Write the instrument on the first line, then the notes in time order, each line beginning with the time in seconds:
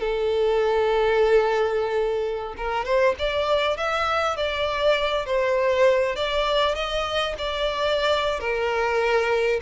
violin
0.00 A4
2.57 A#4
2.85 C5
3.19 D5
3.77 E5
4.37 D5
5.26 C5
6.16 D5
6.75 D#5
7.38 D5
8.40 A#4